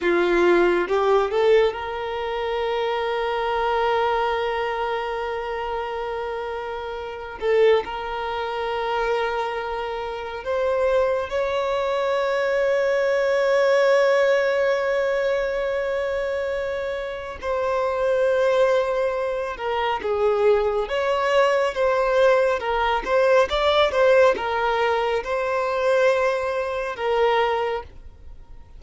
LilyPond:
\new Staff \with { instrumentName = "violin" } { \time 4/4 \tempo 4 = 69 f'4 g'8 a'8 ais'2~ | ais'1~ | ais'8 a'8 ais'2. | c''4 cis''2.~ |
cis''1 | c''2~ c''8 ais'8 gis'4 | cis''4 c''4 ais'8 c''8 d''8 c''8 | ais'4 c''2 ais'4 | }